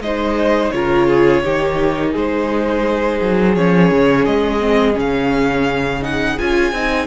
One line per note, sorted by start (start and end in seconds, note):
0.00 0.71 G#3
0.00 0.73 D#4
0.00 0.74 C5
0.00 0.70 D#5
0.70 1.44 C#3
0.70 1.44 F4
0.70 1.07 A#4
0.70 2.11 C#5
1.07 1.43 G#4
1.43 2.15 D#3
1.43 3.55 D#4
1.43 2.12 G4
2.12 3.21 G#3
2.12 7.06 G#4
2.12 3.55 C5
3.21 3.56 F#3
3.55 3.91 F3
3.55 4.60 C#4
3.55 4.25 C#5
3.91 4.26 C#3
4.25 4.96 G#3
4.25 4.95 D#5
4.60 4.92 C4
4.92 6.38 C#3
4.92 5.98 C#4
4.99 6.03 F5
6.01 6.37 D#4
6.01 6.38 F#5
6.38 6.72 C#4
6.38 6.74 F4
6.38 7.07 G#5
6.72 7.07 C4
6.72 7.07 D#4